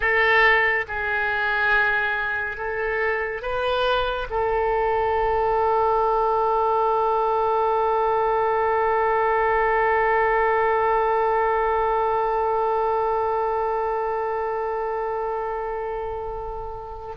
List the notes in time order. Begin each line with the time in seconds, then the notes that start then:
0.00 A4
0.88 G#4
2.57 A4
3.42 B4
4.30 A4